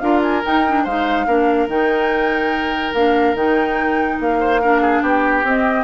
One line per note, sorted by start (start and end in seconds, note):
0.00 0.43 D4
0.00 0.43 F4
0.00 0.84 A#4
0.00 0.21 F5
0.23 0.43 G#5
0.43 0.64 D#4
0.43 0.86 D#4
0.43 0.85 G5
0.68 0.88 D4
0.84 1.27 G#3
0.84 1.28 D#4
0.84 1.26 C5
0.84 1.69 F5
1.27 1.68 A#3
1.27 1.69 D4
1.27 4.40 A#4
1.68 2.93 D#3
1.68 2.94 D#4
1.68 2.94 G5
2.94 3.34 A#3
2.94 3.37 D4
2.94 3.36 F5
3.34 4.18 D#3
3.34 4.62 D#4
3.34 4.20 G5
4.20 5.02 A#3
4.20 5.03 F5
4.40 4.61 C5
4.62 5.45 D4
4.62 4.82 A#4
4.82 5.02 G#4
5.02 5.43 B3
5.02 5.84 G4
5.02 5.44 G5
5.43 5.84 C4
5.43 5.84 D#5